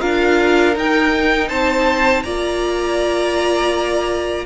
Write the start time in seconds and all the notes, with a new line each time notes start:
0.00 D4 F4 A#4 F5
0.75 D#4 G5
1.48 C4 C5 A5
2.23 A#3 F4 D5 A#5